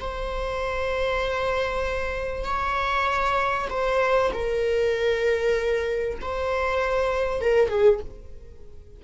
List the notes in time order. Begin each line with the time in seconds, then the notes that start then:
0.00 C5
2.45 C#5
3.70 C5
4.33 A#4
6.21 C5
7.41 A#4
7.69 G#4